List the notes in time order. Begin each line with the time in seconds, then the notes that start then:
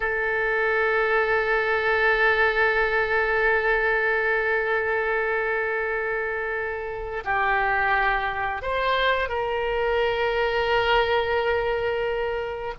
0.00 A4
7.24 G4
8.62 C5
9.29 A#4